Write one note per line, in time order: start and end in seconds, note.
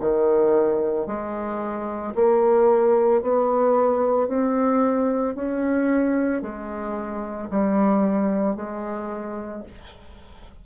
0.00 1.07 D#3
1.07 2.14 G#3
2.15 3.21 A#3
3.21 4.28 B3
4.28 5.35 C4
5.35 6.41 C#4
6.41 7.49 G#3
7.50 8.56 G3
8.56 9.63 G#3